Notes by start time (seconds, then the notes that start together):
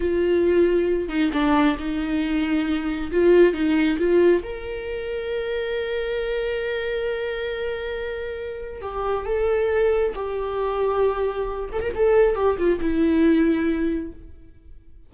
0.00 F4
1.08 D#4
1.32 D4
1.79 D#4
3.11 F4
3.53 D#4
3.98 F4
4.43 A#4
8.81 G4
9.25 A4
10.15 G4
11.72 A4
11.82 A#4
11.95 A4
12.35 G4
12.57 F4
12.80 E4